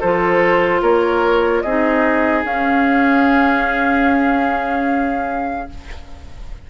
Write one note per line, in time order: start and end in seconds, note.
0.00 0.82 F3
0.00 1.65 F4
0.00 0.81 A4
0.00 0.82 C5
0.82 1.63 A#3
0.82 1.63 A#4
0.82 1.61 C#5
1.61 2.44 C4
1.61 2.45 D#4
1.61 5.69 G#4
1.61 2.42 D#5
2.44 5.68 C#4
2.44 5.69 C#4
2.44 5.70 F5